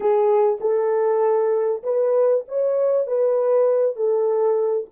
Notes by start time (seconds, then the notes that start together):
0.00 G#4
0.60 A4
1.83 B4
2.48 C#5
3.06 B4
3.95 A4